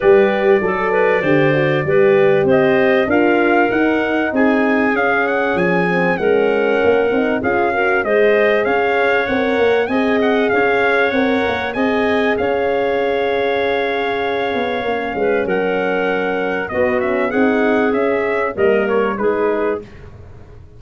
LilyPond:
<<
  \new Staff \with { instrumentName = "trumpet" } { \time 4/4 \tempo 4 = 97 d''1 | dis''4 f''4 fis''4 gis''4 | f''8 fis''8 gis''4 fis''2 | f''4 dis''4 f''4 fis''4 |
gis''8 fis''8 f''4 fis''4 gis''4 | f''1~ | f''4 fis''2 dis''8 e''8 | fis''4 e''4 dis''8 cis''8 b'4 | }
  \new Staff \with { instrumentName = "clarinet" } { \time 4/4 b'4 a'8 b'8 c''4 b'4 | c''4 ais'2 gis'4~ | gis'2 ais'2 | gis'8 ais'8 c''4 cis''2 |
dis''4 cis''2 dis''4 | cis''1~ | cis''8 b'8 ais'2 fis'4 | gis'2 ais'4 gis'4 | }
  \new Staff \with { instrumentName = "horn" } { \time 4/4 g'4 a'4 g'8 fis'8 g'4~ | g'4 f'4 dis'2 | cis'4. c'8 cis'4. dis'8 | f'8 fis'8 gis'2 ais'4 |
gis'2 ais'4 gis'4~ | gis'1 | cis'2. b8 cis'8 | dis'4 cis'4 ais4 dis'4 | }
  \new Staff \with { instrumentName = "tuba" } { \time 4/4 g4 fis4 d4 g4 | c'4 d'4 dis'4 c'4 | cis'4 f4 gis4 ais8 c'8 | cis'4 gis4 cis'4 c'8 ais8 |
c'4 cis'4 c'8 ais8 c'4 | cis'2.~ cis'8 b8 | ais8 gis8 fis2 b4 | c'4 cis'4 g4 gis4 | }
>>